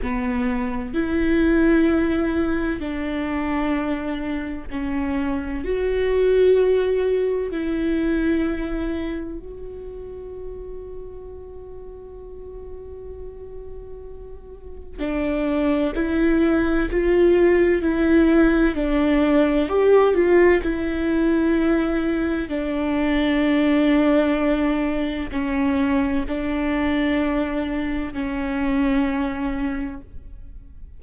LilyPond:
\new Staff \with { instrumentName = "viola" } { \time 4/4 \tempo 4 = 64 b4 e'2 d'4~ | d'4 cis'4 fis'2 | e'2 fis'2~ | fis'1 |
d'4 e'4 f'4 e'4 | d'4 g'8 f'8 e'2 | d'2. cis'4 | d'2 cis'2 | }